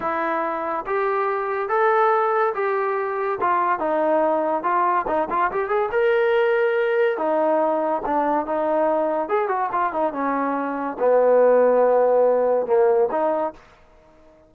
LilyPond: \new Staff \with { instrumentName = "trombone" } { \time 4/4 \tempo 4 = 142 e'2 g'2 | a'2 g'2 | f'4 dis'2 f'4 | dis'8 f'8 g'8 gis'8 ais'2~ |
ais'4 dis'2 d'4 | dis'2 gis'8 fis'8 f'8 dis'8 | cis'2 b2~ | b2 ais4 dis'4 | }